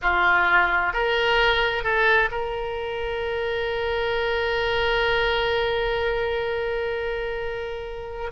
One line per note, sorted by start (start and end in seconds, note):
0.02 0.93 F4
0.93 1.83 A#4
1.83 2.29 A4
2.31 8.31 A#4